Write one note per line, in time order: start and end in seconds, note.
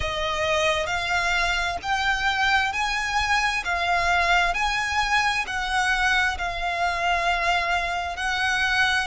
0.00 0.86 D#5
0.86 1.77 F5
1.82 2.72 G5
2.72 3.63 G#5
3.64 4.54 F5
4.54 5.45 G#5
5.46 6.37 F#5
6.38 8.16 F5
8.16 9.07 F#5